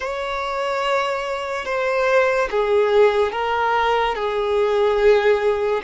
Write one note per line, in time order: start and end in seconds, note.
0.00 1.65 C#5
1.65 2.48 C5
2.50 3.31 G#4
3.31 4.15 A#4
4.15 5.81 G#4